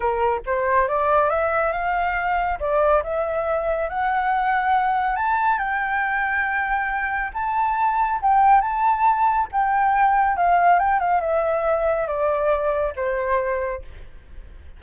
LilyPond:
\new Staff \with { instrumentName = "flute" } { \time 4/4 \tempo 4 = 139 ais'4 c''4 d''4 e''4 | f''2 d''4 e''4~ | e''4 fis''2. | a''4 g''2.~ |
g''4 a''2 g''4 | a''2 g''2 | f''4 g''8 f''8 e''2 | d''2 c''2 | }